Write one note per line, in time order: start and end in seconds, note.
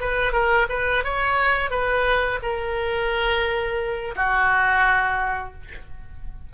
0.00 0.32 B4
0.32 0.67 A#4
0.69 1.04 B4
1.04 1.70 C#5
1.70 2.39 B4
2.42 4.14 A#4
4.15 5.53 F#4